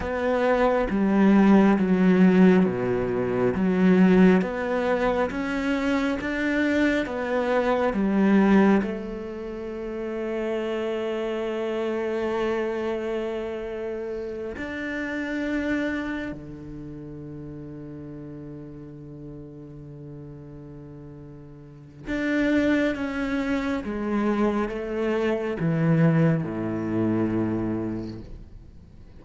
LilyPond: \new Staff \with { instrumentName = "cello" } { \time 4/4 \tempo 4 = 68 b4 g4 fis4 b,4 | fis4 b4 cis'4 d'4 | b4 g4 a2~ | a1~ |
a8 d'2 d4.~ | d1~ | d4 d'4 cis'4 gis4 | a4 e4 a,2 | }